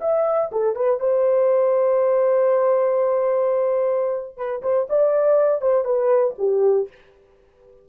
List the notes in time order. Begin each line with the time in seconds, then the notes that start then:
0.00 E5
0.52 A4
0.75 B4
1.00 C5
4.37 B4
4.62 C5
4.89 D5
5.61 C5
5.85 B4
6.38 G4